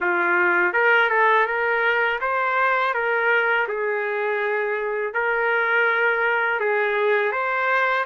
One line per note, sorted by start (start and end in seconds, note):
0.00 0.73 F4
0.73 1.09 A#4
1.09 1.46 A4
1.46 2.19 A#4
2.21 2.94 C5
2.94 3.67 A#4
3.68 5.13 G#4
5.13 6.60 A#4
6.60 7.31 G#4
7.31 8.05 C5